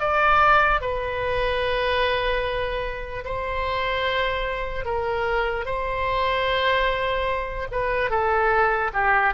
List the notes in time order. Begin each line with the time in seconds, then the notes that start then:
0.00 D5
0.81 B4
3.25 C5
4.85 A#4
5.65 C5
7.71 B4
8.10 A4
8.93 G4